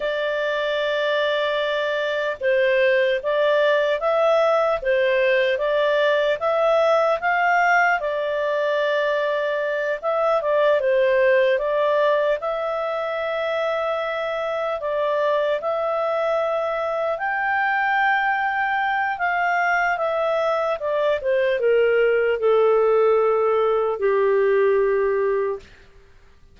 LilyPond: \new Staff \with { instrumentName = "clarinet" } { \time 4/4 \tempo 4 = 75 d''2. c''4 | d''4 e''4 c''4 d''4 | e''4 f''4 d''2~ | d''8 e''8 d''8 c''4 d''4 e''8~ |
e''2~ e''8 d''4 e''8~ | e''4. g''2~ g''8 | f''4 e''4 d''8 c''8 ais'4 | a'2 g'2 | }